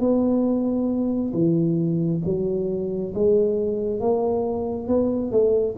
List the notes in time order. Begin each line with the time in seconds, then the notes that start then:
0.00 B3
1.34 E3
2.25 F#3
3.14 G#3
4.01 A#3
4.88 B3
5.32 A3